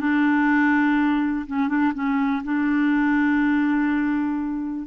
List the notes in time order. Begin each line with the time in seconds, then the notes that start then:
0.00 D4
1.47 C#4
1.69 D4
1.94 C#4
2.44 D4